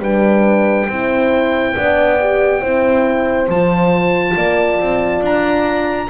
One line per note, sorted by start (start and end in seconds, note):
0.00 0.87 G3
0.00 0.89 D4
0.00 0.88 B4
0.00 3.50 G5
0.88 1.76 C4
0.88 1.76 E4
0.88 1.75 C5
1.76 2.63 B3
1.76 2.20 D4
1.76 2.61 D5
2.20 2.62 G4
2.61 3.49 C4
2.61 3.49 E4
2.61 4.35 C5
3.49 4.36 F3
3.49 6.11 F4
3.49 5.24 A5
4.36 4.80 A#3
4.36 6.10 D5
4.80 5.22 C4
5.22 6.09 D4
5.22 6.11 A#5